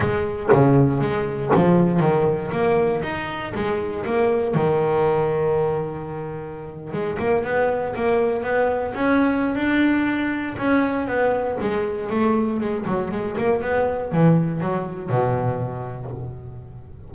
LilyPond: \new Staff \with { instrumentName = "double bass" } { \time 4/4 \tempo 4 = 119 gis4 cis4 gis4 f4 | dis4 ais4 dis'4 gis4 | ais4 dis2.~ | dis4.~ dis16 gis8 ais8 b4 ais16~ |
ais8. b4 cis'4~ cis'16 d'4~ | d'4 cis'4 b4 gis4 | a4 gis8 fis8 gis8 ais8 b4 | e4 fis4 b,2 | }